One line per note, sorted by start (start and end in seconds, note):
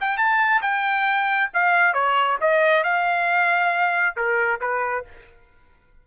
0.00 0.17 G5
0.17 0.61 A5
0.61 1.50 G5
1.53 1.93 F5
1.93 2.37 C#5
2.40 2.83 D#5
2.83 4.16 F5
4.16 4.60 A#4
4.60 5.05 B4